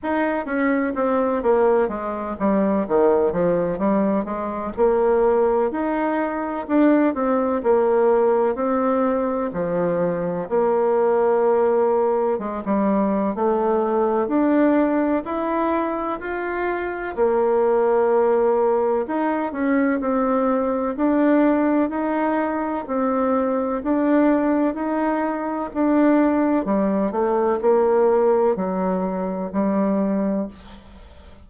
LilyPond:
\new Staff \with { instrumentName = "bassoon" } { \time 4/4 \tempo 4 = 63 dis'8 cis'8 c'8 ais8 gis8 g8 dis8 f8 | g8 gis8 ais4 dis'4 d'8 c'8 | ais4 c'4 f4 ais4~ | ais4 gis16 g8. a4 d'4 |
e'4 f'4 ais2 | dis'8 cis'8 c'4 d'4 dis'4 | c'4 d'4 dis'4 d'4 | g8 a8 ais4 fis4 g4 | }